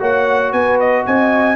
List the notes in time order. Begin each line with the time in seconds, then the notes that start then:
0.00 A#3 F#4 C#5 F#5
0.53 B3 B4 G#5
0.80 D#5
1.06 C4 D#5 G#5